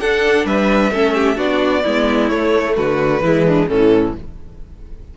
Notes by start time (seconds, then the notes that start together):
0.00 D4 A4 F#5
0.45 G3 B4 E5
0.91 A3 C#4 A4
1.14 G4
1.35 B3 D4 F#4 D5
1.83 G#3 B3 E4
2.29 A3 C#5
2.76 D3 F#4 B4
3.21 E3 G#3 E4
3.46 D4
3.68 A2 E3 C#4 A4